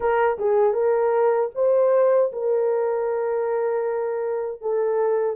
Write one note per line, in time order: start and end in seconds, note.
0.00 0.37 A#4
0.38 0.73 G#4
0.73 1.50 A#4
1.55 2.31 C5
2.32 4.61 A#4
4.61 5.36 A4